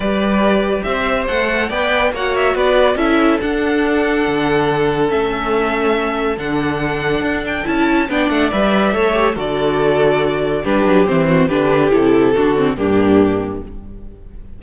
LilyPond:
<<
  \new Staff \with { instrumentName = "violin" } { \time 4/4 \tempo 4 = 141 d''2 e''4 fis''4 | g''4 fis''8 e''8 d''4 e''4 | fis''1 | e''2. fis''4~ |
fis''4. g''8 a''4 g''8 fis''8 | e''2 d''2~ | d''4 b'4 c''4 b'4 | a'2 g'2 | }
  \new Staff \with { instrumentName = "violin" } { \time 4/4 b'2 c''2 | d''4 cis''4 b'4 a'4~ | a'1~ | a'1~ |
a'2. d''4~ | d''4 cis''4 a'2~ | a'4 g'4. fis'8 g'4~ | g'4 fis'4 d'2 | }
  \new Staff \with { instrumentName = "viola" } { \time 4/4 g'2. a'4 | b'4 fis'2 e'4 | d'1 | cis'2. d'4~ |
d'2 e'4 d'4 | b'4 a'8 g'8 fis'2~ | fis'4 d'4 c'4 d'4 | e'4 d'8 c'8 ais2 | }
  \new Staff \with { instrumentName = "cello" } { \time 4/4 g2 c'4 a4 | b4 ais4 b4 cis'4 | d'2 d2 | a2. d4~ |
d4 d'4 cis'4 b8 a8 | g4 a4 d2~ | d4 g8 fis8 e4 d4 | c4 d4 g,2 | }
>>